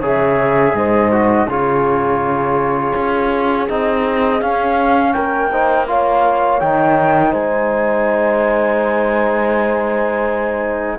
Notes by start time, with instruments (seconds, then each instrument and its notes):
0.00 cello C#3, trombone G#4, horn C#5, flute E5
0.74 cello G#2, horn C5, flute D#5
1.11 trombone F#4
1.46 cello C#3, trombone F4, horn G#4, flute C#5
2.95 cello C#4
3.68 cello C4, trombone D#4, flute D#5
4.40 trombone C#4, cello C#4, flute F5
5.12 cello A#3, horn A#4, flute G5
5.51 trombone D#4, horn C5
5.87 trombone F4, horn C#5, flute F5
6.59 cello D#3, trombone D#4, flute G5
7.31 cello G#3, horn C5, flute G#5